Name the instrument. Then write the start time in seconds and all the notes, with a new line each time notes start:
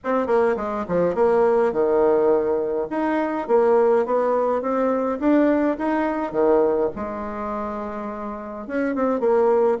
bassoon
0.04 C4
0.26 A#3
0.56 G#3
0.88 F3
1.14 A#3
1.72 D#3
2.90 D#4
3.47 A#3
4.05 B3
4.61 C4
5.19 D4
5.78 D#4
6.32 D#3
6.95 G#3
8.67 C#4
8.95 C4
9.20 A#3